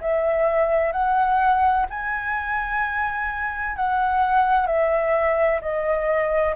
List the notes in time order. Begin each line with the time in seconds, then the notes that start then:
0.00 E5
0.92 F#5
1.90 G#5
3.76 F#5
4.66 E5
5.61 D#5